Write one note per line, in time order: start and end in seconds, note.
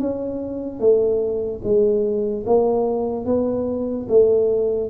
0.00 0.80 C#4
0.80 1.61 A3
1.64 2.45 G#3
2.47 3.26 A#3
3.26 4.07 B3
4.09 4.90 A3